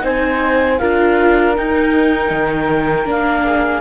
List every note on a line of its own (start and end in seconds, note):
0.00 0.79 C4
0.00 0.76 D#4
0.00 0.80 C5
0.00 0.78 G#5
0.78 1.57 D4
0.78 1.56 F4
0.78 3.46 A#4
0.78 1.54 F5
1.56 3.05 D#4
1.56 2.30 D#4
1.56 3.09 G5
2.30 3.05 D#3
3.05 3.81 A#3
3.05 3.81 D4
3.05 3.81 F5
3.46 3.81 G#4